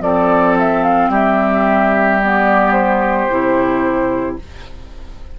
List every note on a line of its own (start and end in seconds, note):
0.00 1.09 F3
0.00 2.20 C4
0.00 1.10 A4
0.00 0.56 D5
0.58 0.83 E5
0.83 1.10 F5
1.09 3.27 G3
1.09 4.37 G4
1.09 2.22 E5
2.22 3.30 B3
2.22 2.72 D5
2.72 4.35 C5
3.29 4.38 C3
3.29 4.39 E4